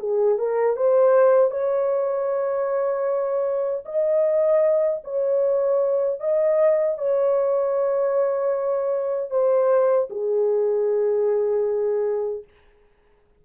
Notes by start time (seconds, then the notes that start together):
0.00 G#4
0.39 A#4
0.77 C5
1.51 C#5
3.85 D#5
5.04 C#5
6.20 D#5
6.98 C#5
9.31 C5
10.11 G#4